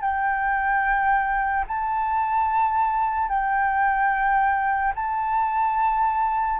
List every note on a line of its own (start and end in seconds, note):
0.00 1.64 G5
1.67 3.28 A5
3.28 4.93 G5
4.95 6.59 A5